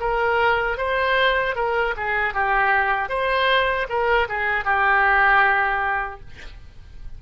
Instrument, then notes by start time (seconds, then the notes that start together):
oboe
0.00 A#4
0.78 C5
1.55 A#4
1.97 G#4
2.34 G4
3.09 C5
3.89 A#4
4.29 G#4
4.65 G4